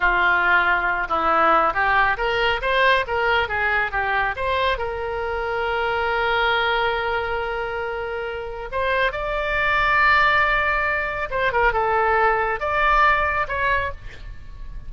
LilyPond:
\new Staff \with { instrumentName = "oboe" } { \time 4/4 \tempo 4 = 138 f'2~ f'8 e'4. | g'4 ais'4 c''4 ais'4 | gis'4 g'4 c''4 ais'4~ | ais'1~ |
ais'1 | c''4 d''2.~ | d''2 c''8 ais'8 a'4~ | a'4 d''2 cis''4 | }